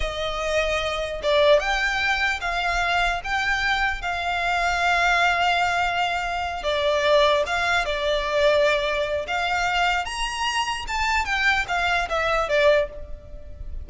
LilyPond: \new Staff \with { instrumentName = "violin" } { \time 4/4 \tempo 4 = 149 dis''2. d''4 | g''2 f''2 | g''2 f''2~ | f''1~ |
f''8 d''2 f''4 d''8~ | d''2. f''4~ | f''4 ais''2 a''4 | g''4 f''4 e''4 d''4 | }